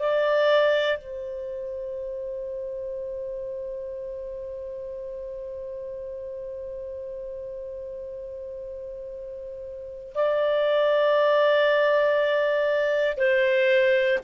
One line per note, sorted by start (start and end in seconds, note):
0.00 0.98 D5
0.98 10.14 C5
10.15 13.17 D5
13.17 14.19 C5